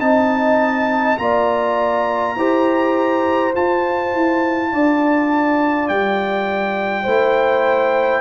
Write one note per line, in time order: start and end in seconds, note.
0.00 1.18 C4
0.00 1.18 D#4
0.00 1.19 D#5
0.00 1.18 A5
1.18 2.36 A#3
1.18 2.37 F4
1.18 2.38 D5
1.18 3.54 A#5
2.36 3.54 E4
2.36 3.54 G4
2.36 4.73 C5
3.54 7.07 F4
3.54 4.14 F4
3.54 5.89 A5
4.15 4.74 E4
4.73 5.90 D4
4.73 7.04 D5
5.89 7.06 G3
5.89 8.22 G5
7.04 8.22 A3
7.04 8.22 E4
7.04 8.22 C5